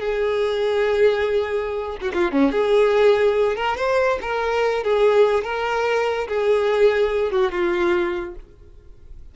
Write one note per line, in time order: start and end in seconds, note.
0.00 1.98 G#4
2.02 2.12 F#4
2.14 2.32 F4
2.32 2.52 C#4
2.52 3.56 G#4
3.57 3.77 A#4
3.77 4.19 C5
4.22 4.84 A#4
4.84 5.45 G#4
5.45 6.28 A#4
6.28 7.32 G#4
7.32 7.52 F#4
7.52 8.35 F4